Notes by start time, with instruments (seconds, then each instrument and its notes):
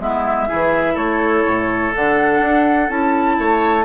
0.00 bassoon G#3, clarinet B3, oboe E4, flute E5
0.48 bassoon E3, clarinet E4, oboe G#4
0.94 bassoon A3, oboe A4, flute C#5
1.45 bassoon A2
1.95 bassoon D3, clarinet D4, flute F#5
2.41 bassoon D4
2.89 bassoon C#4, clarinet E4, flute A5
3.39 bassoon A3, oboe C#5